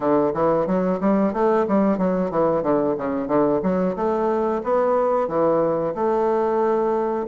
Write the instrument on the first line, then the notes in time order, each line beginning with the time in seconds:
bassoon
0.00 D3
0.34 E3
0.66 F#3
1.00 G3
1.33 A3
1.68 G3
1.98 F#3
2.30 E3
2.63 D3
2.97 C#3
3.27 D3
3.62 F#3
3.96 A3
4.63 B3
5.27 E3
5.94 A3